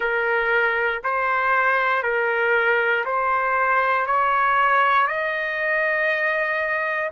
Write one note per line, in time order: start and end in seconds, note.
0.00 1.02 A#4
1.03 2.02 C5
2.02 3.04 A#4
3.05 4.06 C5
4.06 5.07 C#5
5.07 7.10 D#5